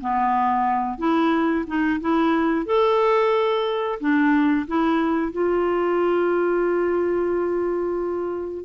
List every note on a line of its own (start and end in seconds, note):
0.00 0.98 B3
0.98 1.65 E4
1.67 2.00 D#4
2.00 2.65 E4
2.65 3.98 A4
4.00 4.66 D4
4.67 5.32 E4
5.32 8.64 F4